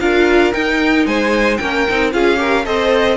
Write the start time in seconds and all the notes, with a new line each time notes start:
0.00 D4 F4 A#4 F5
0.52 D#4 G5
1.05 G#3 C5 G#5
1.57 A#3 C#4 A#4 G5
1.89 C4 D#4
2.12 C#4 F4 G#4 F5
2.36 G4 A#4
2.65 C4 A4 C5 D#5